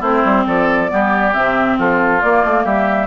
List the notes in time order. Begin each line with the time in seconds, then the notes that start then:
0.00 A3 C4 E4 C5
0.25 G3
0.47 F3 A4 D5
0.89 G3 B3 G4
1.33 C3 C4 E5
1.78 F3 F4 A4
2.21 A#3 D5
2.44 A3
2.63 G3 G4 E5